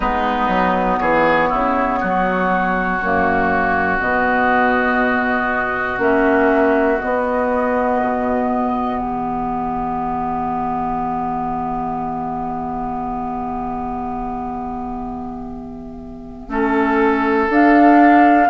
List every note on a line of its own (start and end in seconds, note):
0.00 0.48 G#3
0.00 3.00 B3
0.00 0.99 D#4
0.00 0.97 B4
0.48 0.98 F#3
0.97 1.50 E3
0.97 1.49 G#4
0.97 3.98 C#5
1.49 2.01 C#3
1.49 1.99 E4
2.00 3.00 F#3
2.00 8.98 F#4
3.00 4.00 F#2
3.00 3.99 A#3
3.99 5.98 B2
3.99 5.98 B3
3.99 5.99 D#5
5.98 6.98 A#3
5.98 6.98 C#4
5.98 7.00 E5
6.99 16.49 B3
6.99 8.01 B3
6.99 8.99 D#5
8.01 8.99 B2
8.98 16.48 E3
8.98 16.48 G4
8.98 17.49 E5
16.48 17.48 A3
16.48 17.49 C#4
16.48 18.49 A4
17.49 18.49 D4
17.49 18.49 F5